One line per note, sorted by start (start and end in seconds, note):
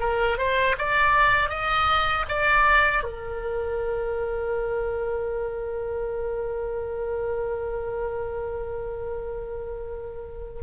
0.00 0.38 A#4
0.38 0.76 C5
0.78 1.49 D5
1.49 2.25 D#5
2.29 3.03 D5
3.03 10.63 A#4